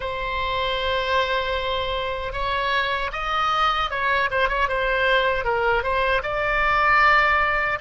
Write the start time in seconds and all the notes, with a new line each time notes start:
0.00 C5
2.32 C#5
3.12 D#5
3.90 C#5
4.31 C5
4.48 C#5
4.68 C5
5.44 A#4
5.83 C5
6.22 D5